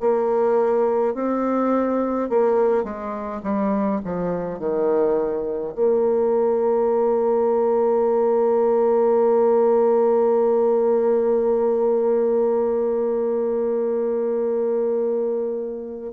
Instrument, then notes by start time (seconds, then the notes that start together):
bassoon
0.00 A#3
1.14 C4
2.29 A#3
2.83 G#3
3.42 G3
4.04 F3
4.59 D#3
5.74 A#3